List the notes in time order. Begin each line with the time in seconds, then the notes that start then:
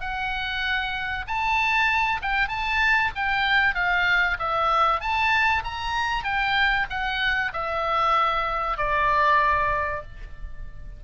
0.00 F#5
1.27 A5
2.22 G5
2.48 A5
3.15 G5
3.74 F5
4.39 E5
5.00 A5
5.64 A#5
6.24 G5
6.89 F#5
7.53 E5
8.77 D5